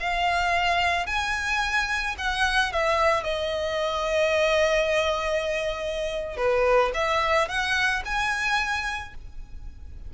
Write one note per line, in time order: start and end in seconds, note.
0.00 1.07 F5
1.07 2.16 G#5
2.18 2.72 F#5
2.72 3.24 E5
3.24 6.37 D#5
6.37 6.91 B4
6.94 7.48 E5
7.48 8.03 F#5
8.05 9.14 G#5